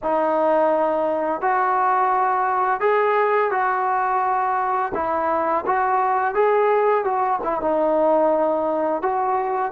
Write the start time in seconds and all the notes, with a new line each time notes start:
0.02 D#4
1.41 F#4
2.80 G#4
3.51 F#4
4.94 E4
5.66 F#4
6.34 G#4
7.04 F#4
7.43 E4
7.60 D#4
9.02 F#4